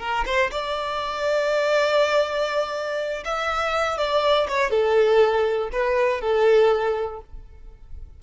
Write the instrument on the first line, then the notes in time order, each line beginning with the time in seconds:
violin
0.00 A#4
0.26 C5
0.51 D5
3.25 E5
3.98 D5
4.49 C#5
4.71 A4
5.72 B4
6.21 A4